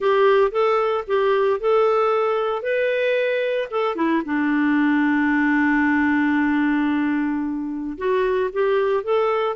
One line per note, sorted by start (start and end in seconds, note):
0.00 0.51 G4
0.51 1.04 A4
1.07 1.60 G4
1.60 2.62 A4
2.62 3.68 B4
3.70 3.95 A4
3.95 4.22 E4
4.25 7.97 D4
7.97 8.50 F#4
8.52 9.03 G4
9.03 9.56 A4